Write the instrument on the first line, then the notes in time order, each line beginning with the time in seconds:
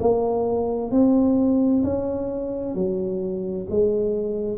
tuba
0.00 A#3
0.91 C4
1.84 C#4
2.75 F#3
3.70 G#3